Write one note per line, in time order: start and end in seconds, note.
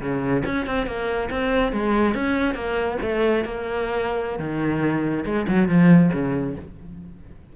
0.00 0.43 C#3
0.45 0.66 C#4
0.66 0.86 C4
0.86 1.29 A#3
1.30 1.72 C4
1.72 2.14 G#3
2.14 2.54 C#4
2.54 2.97 A#3
3.02 3.44 A3
3.44 4.39 A#3
4.39 5.24 D#3
5.25 5.46 G#3
5.48 5.68 F#3
5.68 6.11 F3
6.13 6.56 C#3